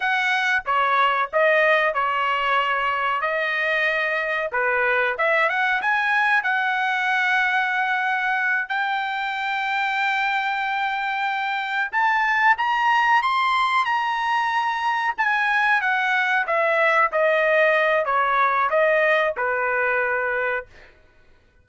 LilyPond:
\new Staff \with { instrumentName = "trumpet" } { \time 4/4 \tempo 4 = 93 fis''4 cis''4 dis''4 cis''4~ | cis''4 dis''2 b'4 | e''8 fis''8 gis''4 fis''2~ | fis''4. g''2~ g''8~ |
g''2~ g''8 a''4 ais''8~ | ais''8 c'''4 ais''2 gis''8~ | gis''8 fis''4 e''4 dis''4. | cis''4 dis''4 b'2 | }